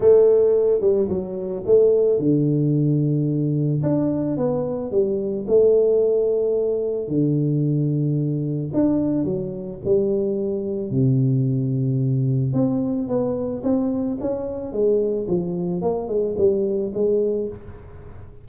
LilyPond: \new Staff \with { instrumentName = "tuba" } { \time 4/4 \tempo 4 = 110 a4. g8 fis4 a4 | d2. d'4 | b4 g4 a2~ | a4 d2. |
d'4 fis4 g2 | c2. c'4 | b4 c'4 cis'4 gis4 | f4 ais8 gis8 g4 gis4 | }